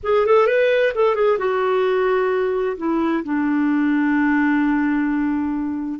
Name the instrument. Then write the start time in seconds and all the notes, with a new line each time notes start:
clarinet
0.03 G#4
0.26 A4
0.46 B4
0.95 A4
1.15 G#4
1.38 F#4
2.77 E4
3.23 D4